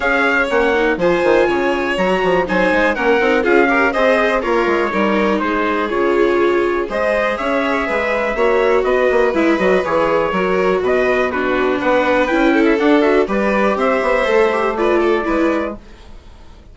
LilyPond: <<
  \new Staff \with { instrumentName = "trumpet" } { \time 4/4 \tempo 4 = 122 f''4 fis''4 gis''2 | ais''4 gis''4 fis''4 f''4 | dis''4 cis''2 c''4 | cis''2 dis''4 e''4~ |
e''2 dis''4 e''8 dis''8 | cis''2 dis''4 b'4 | fis''4 g''8. e''16 fis''8 e''8 d''4 | e''2 d''2 | }
  \new Staff \with { instrumentName = "violin" } { \time 4/4 cis''2 c''4 cis''4~ | cis''4 c''4 ais'4 gis'8 ais'8 | c''4 f'4 ais'4 gis'4~ | gis'2 c''4 cis''4 |
b'4 cis''4 b'2~ | b'4 ais'4 b'4 fis'4 | b'4. a'4. b'4 | c''2 b'8 a'8 b'4 | }
  \new Staff \with { instrumentName = "viola" } { \time 4/4 gis'4 cis'8 dis'8 f'2 | fis'4 dis'4 cis'8 dis'8 f'8 g'8 | gis'4 ais'4 dis'2 | f'2 gis'2~ |
gis'4 fis'2 e'8 fis'8 | gis'4 fis'2 d'4~ | d'4 e'4 d'8 fis'8 g'4~ | g'4 a'8 g'8 f'4 e'4 | }
  \new Staff \with { instrumentName = "bassoon" } { \time 4/4 cis'4 ais4 f8 dis8 cis4 | fis8 f8 fis8 gis8 ais8 c'8 cis'4 | c'4 ais8 gis8 g4 gis4 | cis2 gis4 cis'4 |
gis4 ais4 b8 ais8 gis8 fis8 | e4 fis4 b,2 | b4 cis'4 d'4 g4 | c'8 b8 a2 gis4 | }
>>